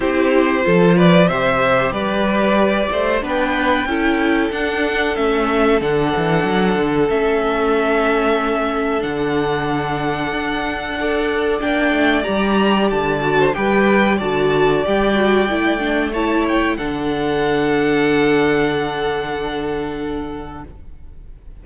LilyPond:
<<
  \new Staff \with { instrumentName = "violin" } { \time 4/4 \tempo 4 = 93 c''4. d''8 e''4 d''4~ | d''4 g''2 fis''4 | e''4 fis''2 e''4~ | e''2 fis''2~ |
fis''2 g''4 ais''4 | a''4 g''4 a''4 g''4~ | g''4 a''8 g''8 fis''2~ | fis''1 | }
  \new Staff \with { instrumentName = "violin" } { \time 4/4 g'4 a'8 b'8 c''4 b'4~ | b'8 c''8 b'4 a'2~ | a'1~ | a'1~ |
a'4 d''2.~ | d''8. c''16 b'4 d''2~ | d''4 cis''4 a'2~ | a'1 | }
  \new Staff \with { instrumentName = "viola" } { \time 4/4 e'4 f'4 g'2~ | g'4 d'4 e'4 d'4 | cis'4 d'2 cis'4~ | cis'2 d'2~ |
d'4 a'4 d'4 g'4~ | g'8 fis'8 g'4 fis'4 g'8 fis'8 | e'8 d'8 e'4 d'2~ | d'1 | }
  \new Staff \with { instrumentName = "cello" } { \time 4/4 c'4 f4 c4 g4~ | g8 a8 b4 cis'4 d'4 | a4 d8 e8 fis8 d8 a4~ | a2 d2 |
d'2 ais8 a8 g4 | d4 g4 d4 g4 | a2 d2~ | d1 | }
>>